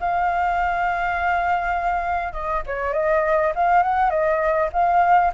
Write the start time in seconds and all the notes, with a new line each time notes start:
0.00 F5
2.32 D#5
2.66 C#5
2.93 D#5
3.55 F5
3.83 F#5
4.10 D#5
4.73 F5